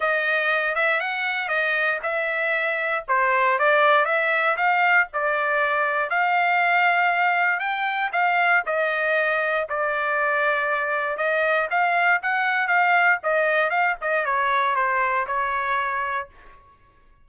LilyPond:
\new Staff \with { instrumentName = "trumpet" } { \time 4/4 \tempo 4 = 118 dis''4. e''8 fis''4 dis''4 | e''2 c''4 d''4 | e''4 f''4 d''2 | f''2. g''4 |
f''4 dis''2 d''4~ | d''2 dis''4 f''4 | fis''4 f''4 dis''4 f''8 dis''8 | cis''4 c''4 cis''2 | }